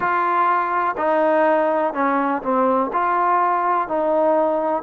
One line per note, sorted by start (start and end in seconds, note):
0.00 0.95 F4
0.97 1.94 D#4
1.94 2.42 C#4
2.42 2.90 C4
2.93 3.88 F4
3.88 4.82 D#4